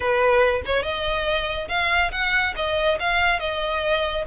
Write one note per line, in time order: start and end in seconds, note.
0.00 0.62 B4
0.65 0.82 C#5
0.82 1.68 D#5
1.68 2.11 F5
2.11 2.54 F#5
2.56 2.98 D#5
2.99 3.39 F5
3.39 4.24 D#5